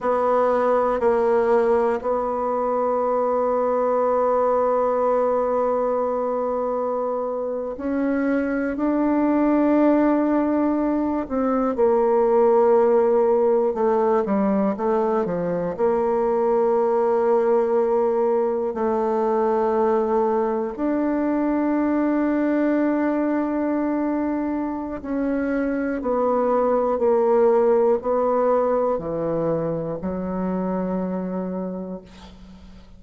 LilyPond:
\new Staff \with { instrumentName = "bassoon" } { \time 4/4 \tempo 4 = 60 b4 ais4 b2~ | b2.~ b8. cis'16~ | cis'8. d'2~ d'8 c'8 ais16~ | ais4.~ ais16 a8 g8 a8 f8 ais16~ |
ais2~ ais8. a4~ a16~ | a8. d'2.~ d'16~ | d'4 cis'4 b4 ais4 | b4 e4 fis2 | }